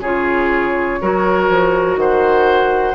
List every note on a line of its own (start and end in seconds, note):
0.00 0.98 C#3
0.00 1.01 F4
0.00 0.99 G#4
0.00 1.98 C#5
1.01 1.49 F#3
1.01 2.94 F#4
1.01 2.00 A#4
1.49 1.95 F3
1.95 2.94 D#3
1.95 2.94 C5
1.95 2.94 F#5